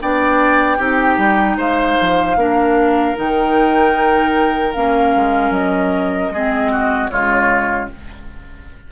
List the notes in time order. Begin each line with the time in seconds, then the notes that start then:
0.00 B3 D4 D5 G5
0.77 C4 D#4 G4
1.17 G3
1.56 G#3 C5 F5
2.01 F3
2.35 A#3 D4 A#4
3.15 D#3 D#4 G5
4.73 A#3 C#4 F5
5.15 G#3
5.50 F#3 D#5
6.29 G#3 C4 G#4
6.71 F#4
7.09 C#3 G#3 F4 C#5